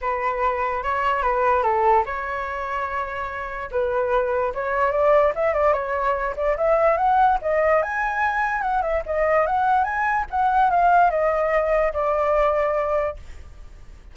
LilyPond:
\new Staff \with { instrumentName = "flute" } { \time 4/4 \tempo 4 = 146 b'2 cis''4 b'4 | a'4 cis''2.~ | cis''4 b'2 cis''4 | d''4 e''8 d''8 cis''4. d''8 |
e''4 fis''4 dis''4 gis''4~ | gis''4 fis''8 e''8 dis''4 fis''4 | gis''4 fis''4 f''4 dis''4~ | dis''4 d''2. | }